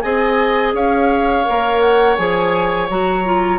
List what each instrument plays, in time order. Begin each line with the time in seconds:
0.00 bassoon C4, clarinet G#4, oboe D#5, flute G#5
0.74 bassoon C#4, oboe C#5, flute F5
1.45 bassoon A#3, clarinet A#4
1.80 flute F#5
2.16 bassoon F3, clarinet G#4, flute G#5
2.89 bassoon F#3, clarinet F#4, flute A#5
3.24 clarinet F4